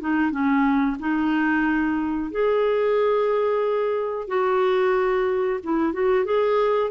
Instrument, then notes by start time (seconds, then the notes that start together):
clarinet
0.00 D#4
0.31 C#4
0.99 D#4
2.31 G#4
4.28 F#4
5.63 E4
5.93 F#4
6.25 G#4